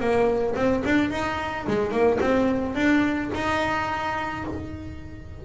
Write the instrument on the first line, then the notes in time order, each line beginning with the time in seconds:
double bass
0.00 A#3
0.56 C4
0.85 D4
1.11 D#4
1.67 G#3
1.91 A#3
2.21 C4
2.75 D4
3.35 D#4